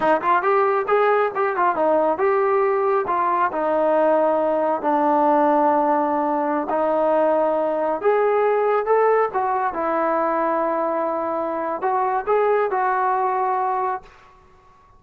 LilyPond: \new Staff \with { instrumentName = "trombone" } { \time 4/4 \tempo 4 = 137 dis'8 f'8 g'4 gis'4 g'8 f'8 | dis'4 g'2 f'4 | dis'2. d'4~ | d'2.~ d'16 dis'8.~ |
dis'2~ dis'16 gis'4.~ gis'16~ | gis'16 a'4 fis'4 e'4.~ e'16~ | e'2. fis'4 | gis'4 fis'2. | }